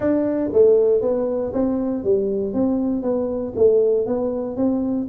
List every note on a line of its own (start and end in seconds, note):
0.00 0.50 D4
0.52 1.01 A3
1.01 1.52 B3
1.53 2.04 C4
2.04 2.53 G3
2.53 3.02 C4
3.02 3.53 B3
3.55 4.06 A3
4.06 4.56 B3
4.56 5.07 C4